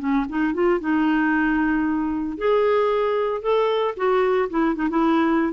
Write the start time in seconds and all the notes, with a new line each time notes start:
0.00 C#4
0.30 D#4
0.54 F4
0.81 D#4
2.38 G#4
3.42 A4
3.97 F#4
4.50 E4
4.76 D#4
4.90 E4